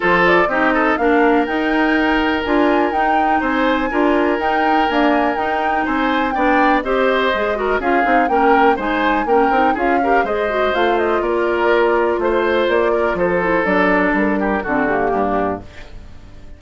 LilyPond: <<
  \new Staff \with { instrumentName = "flute" } { \time 4/4 \tempo 4 = 123 c''8 d''8 dis''4 f''4 g''4~ | g''4 gis''4 g''4 gis''4~ | gis''4 g''4 gis''4 g''4 | gis''4 g''4 dis''2 |
f''4 g''4 gis''4 g''4 | f''4 dis''4 f''8 dis''8 d''4~ | d''4 c''4 d''4 c''4 | d''4 ais'4 a'8 g'4. | }
  \new Staff \with { instrumentName = "oboe" } { \time 4/4 a'4 g'8 a'8 ais'2~ | ais'2. c''4 | ais'1 | c''4 d''4 c''4. ais'8 |
gis'4 ais'4 c''4 ais'4 | gis'8 ais'8 c''2 ais'4~ | ais'4 c''4. ais'8 a'4~ | a'4. g'8 fis'4 d'4 | }
  \new Staff \with { instrumentName = "clarinet" } { \time 4/4 f'4 dis'4 d'4 dis'4~ | dis'4 f'4 dis'2 | f'4 dis'4 ais4 dis'4~ | dis'4 d'4 g'4 gis'8 fis'8 |
f'8 dis'8 cis'4 dis'4 cis'8 dis'8 | f'8 g'8 gis'8 fis'8 f'2~ | f'2.~ f'8 e'8 | d'2 c'8 ais4. | }
  \new Staff \with { instrumentName = "bassoon" } { \time 4/4 f4 c'4 ais4 dis'4~ | dis'4 d'4 dis'4 c'4 | d'4 dis'4 d'4 dis'4 | c'4 b4 c'4 gis4 |
cis'8 c'8 ais4 gis4 ais8 c'8 | cis'4 gis4 a4 ais4~ | ais4 a4 ais4 f4 | fis4 g4 d4 g,4 | }
>>